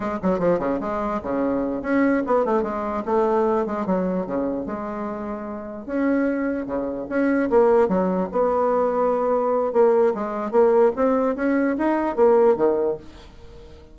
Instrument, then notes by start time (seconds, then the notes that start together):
bassoon
0.00 G#3
0.22 F#3
0.39 F3
0.59 C#3
0.80 G#3
1.22 C#3
1.82 C#4
2.26 B3
2.45 A3
2.63 G#3
3.05 A3
3.66 G#3
3.86 F#3
4.26 C#3
4.65 G#3
5.86 C#4
6.66 C#3
7.09 C#4
7.50 A#3
7.88 F#3
8.31 B3
9.72 A#3
10.14 G#3
10.51 A#3
10.96 C4
11.35 C#4
11.78 D#4
12.15 A#3
12.56 D#3